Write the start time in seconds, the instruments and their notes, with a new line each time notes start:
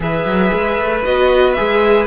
0.00 cello E3, viola G#4, violin B4 E5
0.25 cello F#3
0.53 cello G#3
0.79 cello A3
1.04 cello B3, viola F#4, violin D#5
1.53 viola G#4, violin E5
1.59 cello G#3